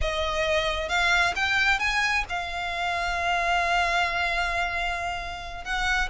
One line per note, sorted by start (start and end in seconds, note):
0.01 0.88 D#5
0.88 1.33 F5
1.35 1.79 G5
1.79 2.24 G#5
2.29 5.64 F5
5.64 6.09 F#5